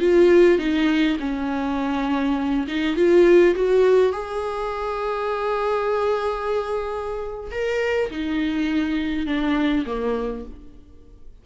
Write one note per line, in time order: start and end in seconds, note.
0.00 0.59 F4
0.59 1.18 D#4
1.20 2.67 C#4
2.68 2.96 D#4
2.96 3.55 F4
3.55 4.13 F#4
4.13 7.51 G#4
7.52 8.10 A#4
8.11 9.27 D#4
9.27 9.86 D4
9.87 10.45 A#3